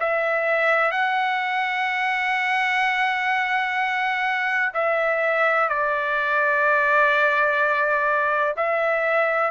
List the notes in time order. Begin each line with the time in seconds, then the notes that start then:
0.00 E5
0.92 F#5
4.74 E5
5.69 D5
8.57 E5